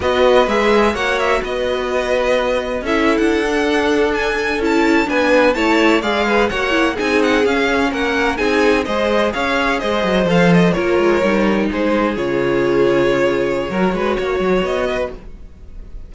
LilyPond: <<
  \new Staff \with { instrumentName = "violin" } { \time 4/4 \tempo 4 = 127 dis''4 e''4 fis''8 e''8 dis''4~ | dis''2 e''8. fis''4~ fis''16~ | fis''8. gis''4 a''4 gis''4 a''16~ | a''8. f''4 fis''4 gis''8 fis''8 f''16~ |
f''8. fis''4 gis''4 dis''4 f''16~ | f''8. dis''4 f''8 dis''8 cis''4~ cis''16~ | cis''8. c''4 cis''2~ cis''16~ | cis''2. dis''4 | }
  \new Staff \with { instrumentName = "violin" } { \time 4/4 b'2 cis''4 b'4~ | b'2 a'2~ | a'2~ a'8. b'4 cis''16~ | cis''8. d''8 b'8 cis''4 gis'4~ gis'16~ |
gis'8. ais'4 gis'4 c''4 cis''16~ | cis''8. c''2 ais'4~ ais'16~ | ais'8. gis'2.~ gis'16~ | gis'4 ais'8 b'8 cis''4. b'8 | }
  \new Staff \with { instrumentName = "viola" } { \time 4/4 fis'4 gis'4 fis'2~ | fis'2 e'4~ e'16 d'8.~ | d'4.~ d'16 e'4 d'4 e'16~ | e'8. gis'4 fis'8 e'8 dis'4 cis'16~ |
cis'4.~ cis'16 dis'4 gis'4~ gis'16~ | gis'4.~ gis'16 a'4 f'4 dis'16~ | dis'4.~ dis'16 f'2~ f'16~ | f'4 fis'2. | }
  \new Staff \with { instrumentName = "cello" } { \time 4/4 b4 gis4 ais4 b4~ | b2 cis'8. d'4~ d'16~ | d'4.~ d'16 cis'4 b4 a16~ | a8. gis4 ais4 c'4 cis'16~ |
cis'8. ais4 c'4 gis4 cis'16~ | cis'8. gis8 fis8 f4 ais8 gis8 g16~ | g8. gis4 cis2~ cis16~ | cis4 fis8 gis8 ais8 fis8 b4 | }
>>